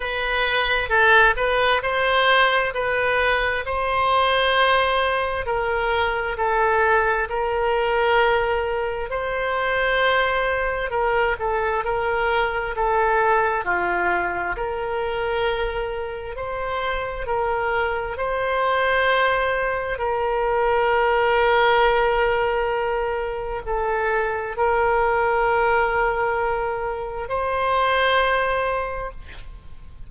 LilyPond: \new Staff \with { instrumentName = "oboe" } { \time 4/4 \tempo 4 = 66 b'4 a'8 b'8 c''4 b'4 | c''2 ais'4 a'4 | ais'2 c''2 | ais'8 a'8 ais'4 a'4 f'4 |
ais'2 c''4 ais'4 | c''2 ais'2~ | ais'2 a'4 ais'4~ | ais'2 c''2 | }